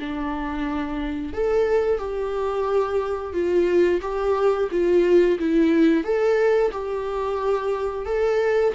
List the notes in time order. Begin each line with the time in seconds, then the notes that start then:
0.00 D4
1.34 A4
1.99 G4
3.33 F4
4.02 G4
4.72 F4
5.40 E4
6.04 A4
6.72 G4
8.06 A4